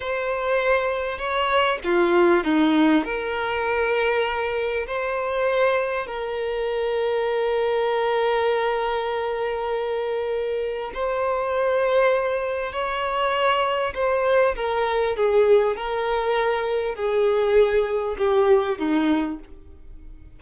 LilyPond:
\new Staff \with { instrumentName = "violin" } { \time 4/4 \tempo 4 = 99 c''2 cis''4 f'4 | dis'4 ais'2. | c''2 ais'2~ | ais'1~ |
ais'2 c''2~ | c''4 cis''2 c''4 | ais'4 gis'4 ais'2 | gis'2 g'4 dis'4 | }